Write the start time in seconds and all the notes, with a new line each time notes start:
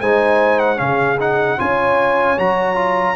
0.00 G#3 D#4 C5 G#5
0.59 F#5
0.76 C#3 C#4 G#4 F5
1.19 D#4 F#5
1.58 C#4 F4 C#5 G#5
2.37 F#3 F#4 A#5
2.75 F4